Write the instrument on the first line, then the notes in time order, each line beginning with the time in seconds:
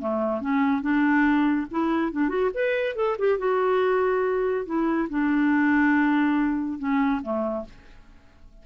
clarinet
0.00 A3
0.41 C#4
0.82 D4
1.71 E4
2.12 D4
2.29 F#4
2.54 B4
2.96 A4
3.19 G4
3.39 F#4
4.66 E4
5.10 D4
6.79 C#4
7.23 A3